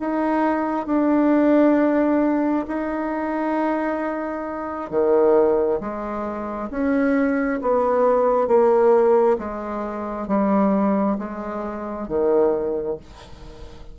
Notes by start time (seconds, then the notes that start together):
0.00 D#4
0.87 D4
2.68 D#4
4.91 D#3
5.80 G#3
6.71 C#4
7.62 B3
8.48 A#3
9.39 G#3
10.28 G3
11.19 G#3
12.08 D#3